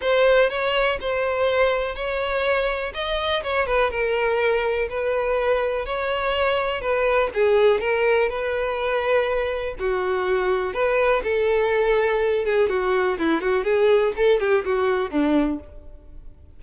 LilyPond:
\new Staff \with { instrumentName = "violin" } { \time 4/4 \tempo 4 = 123 c''4 cis''4 c''2 | cis''2 dis''4 cis''8 b'8 | ais'2 b'2 | cis''2 b'4 gis'4 |
ais'4 b'2. | fis'2 b'4 a'4~ | a'4. gis'8 fis'4 e'8 fis'8 | gis'4 a'8 g'8 fis'4 d'4 | }